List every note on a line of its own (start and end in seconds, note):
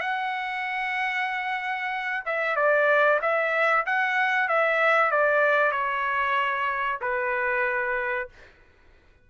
0.00 2.23 F#5
2.25 2.56 E5
2.56 3.19 D5
3.21 3.85 E5
3.86 4.48 F#5
4.48 5.11 E5
5.11 5.72 D5
5.72 6.99 C#5
7.01 8.28 B4